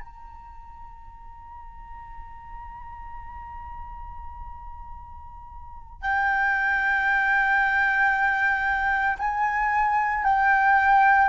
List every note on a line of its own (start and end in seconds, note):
0.00 6.02 A#5
6.02 9.18 G5
9.19 10.24 G#5
10.24 11.29 G5